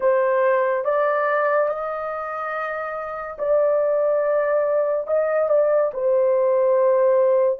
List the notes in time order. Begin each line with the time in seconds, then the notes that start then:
0.00 C5
0.84 D5
1.68 D#5
3.38 D5
5.07 D#5
5.49 D5
5.93 C5